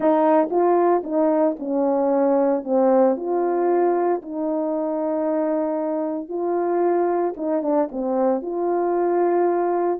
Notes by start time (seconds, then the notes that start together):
0.00 D#4
0.50 F4
1.03 D#4
1.59 C#4
2.63 C4
3.16 F4
4.22 D#4
6.28 F4
7.36 D#4
7.62 D4
7.91 C4
8.42 F4